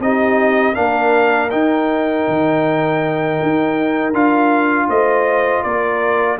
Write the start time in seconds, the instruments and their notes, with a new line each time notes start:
0.00 tuba C4, trombone D#4, horn G4, trumpet D#5
0.75 tuba A#3, trombone D4, horn A#4, trumpet F5
1.50 trombone D#4, tuba D#4, trumpet G5
2.28 tuba D#3
3.43 tuba D#4
4.14 tuba D4, trombone F4, trumpet F5
4.88 tuba A3, horn C5, trumpet D#5
5.63 tuba A#3, horn A#4, trumpet D5